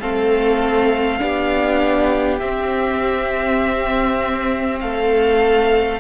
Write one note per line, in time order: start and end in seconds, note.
0.00 1.21 A3
0.00 1.19 C4
0.00 1.20 A4
0.00 2.39 F5
1.19 2.41 B3
1.19 2.39 D4
1.19 4.81 G4
2.39 6.00 C4
2.39 4.81 C4
2.39 4.79 E5
4.80 6.00 A3
4.80 6.00 A4
4.80 6.00 F5